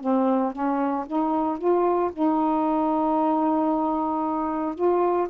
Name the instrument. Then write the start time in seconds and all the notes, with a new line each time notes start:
saxophone
0.00 C4
0.52 C#4
1.06 D#4
1.57 F4
2.12 D#4
4.75 F4